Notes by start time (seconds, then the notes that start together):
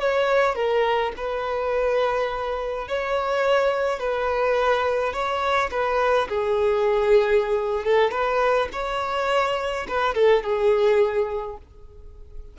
0.00 C#5
0.55 A#4
1.17 B4
2.88 C#5
3.99 B4
5.13 C#5
5.71 B4
6.29 G#4
7.85 A4
8.11 B4
8.72 C#5
9.88 B4
10.15 A4
10.43 G#4